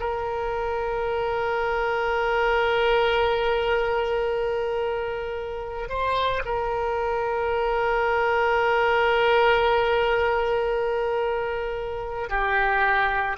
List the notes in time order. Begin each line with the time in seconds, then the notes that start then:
0.00 A#4
5.89 C5
6.45 A#4
12.30 G4